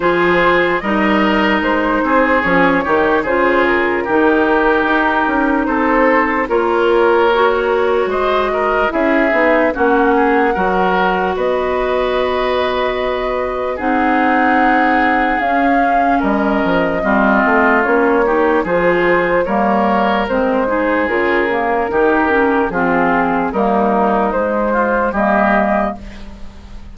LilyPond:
<<
  \new Staff \with { instrumentName = "flute" } { \time 4/4 \tempo 4 = 74 c''4 dis''4 c''4 cis''4 | c''8 ais'2~ ais'8 c''4 | cis''2 dis''4 e''4 | fis''2 dis''2~ |
dis''4 fis''2 f''4 | dis''2 cis''4 c''4 | cis''4 c''4 ais'2 | gis'4 ais'4 c''4 dis''4 | }
  \new Staff \with { instrumentName = "oboe" } { \time 4/4 gis'4 ais'4. gis'4 g'8 | gis'4 g'2 a'4 | ais'2 c''8 ais'8 gis'4 | fis'8 gis'8 ais'4 b'2~ |
b'4 gis'2. | ais'4 f'4. g'8 gis'4 | ais'4. gis'4. g'4 | f'4 dis'4. f'8 g'4 | }
  \new Staff \with { instrumentName = "clarinet" } { \time 4/4 f'4 dis'2 cis'8 dis'8 | f'4 dis'2. | f'4 fis'2 e'8 dis'8 | cis'4 fis'2.~ |
fis'4 dis'2 cis'4~ | cis'4 c'4 cis'8 dis'8 f'4 | ais4 c'8 dis'8 f'8 ais8 dis'8 cis'8 | c'4 ais4 gis4 ais4 | }
  \new Staff \with { instrumentName = "bassoon" } { \time 4/4 f4 g4 gis8 c'8 f8 dis8 | cis4 dis4 dis'8 cis'8 c'4 | ais2 gis4 cis'8 b8 | ais4 fis4 b2~ |
b4 c'2 cis'4 | g8 f8 g8 a8 ais4 f4 | g4 gis4 cis4 dis4 | f4 g4 gis4 g4 | }
>>